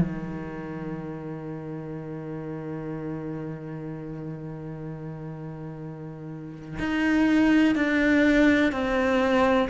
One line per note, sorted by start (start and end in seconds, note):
0.00 6.77 D#3
6.79 7.75 D#4
7.75 8.71 D4
8.71 9.68 C4